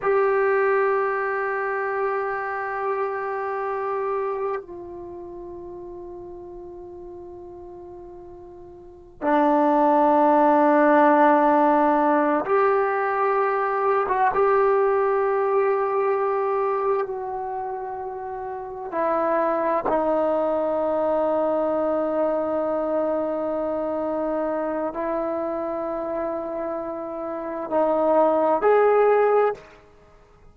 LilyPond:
\new Staff \with { instrumentName = "trombone" } { \time 4/4 \tempo 4 = 65 g'1~ | g'4 f'2.~ | f'2 d'2~ | d'4. g'4.~ g'16 fis'16 g'8~ |
g'2~ g'8 fis'4.~ | fis'8 e'4 dis'2~ dis'8~ | dis'2. e'4~ | e'2 dis'4 gis'4 | }